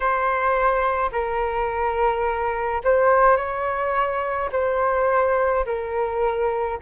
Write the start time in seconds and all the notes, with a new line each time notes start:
0.00 C5
1.12 A#4
2.84 C5
3.37 C#5
4.52 C5
5.66 A#4